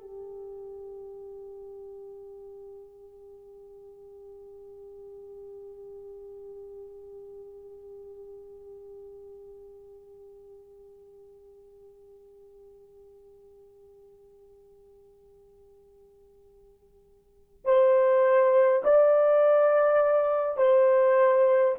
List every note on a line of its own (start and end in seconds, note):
0.00 17.64 G4
17.64 18.82 C5
18.84 20.57 D5
20.57 21.74 C5